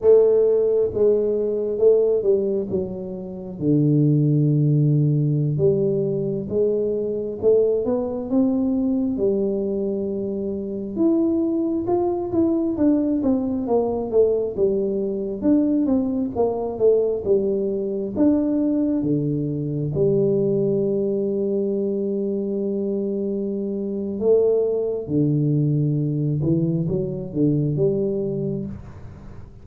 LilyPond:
\new Staff \with { instrumentName = "tuba" } { \time 4/4 \tempo 4 = 67 a4 gis4 a8 g8 fis4 | d2~ d16 g4 gis8.~ | gis16 a8 b8 c'4 g4.~ g16~ | g16 e'4 f'8 e'8 d'8 c'8 ais8 a16~ |
a16 g4 d'8 c'8 ais8 a8 g8.~ | g16 d'4 d4 g4.~ g16~ | g2. a4 | d4. e8 fis8 d8 g4 | }